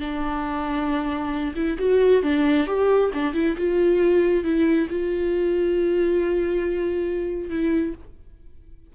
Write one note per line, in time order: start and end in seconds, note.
0.00 1.54 D4
1.56 1.78 E4
1.79 2.23 F#4
2.23 2.67 D4
2.67 3.11 G4
3.14 3.34 D4
3.34 3.56 E4
3.58 4.44 F4
4.44 4.89 E4
4.90 7.50 F4
7.50 7.94 E4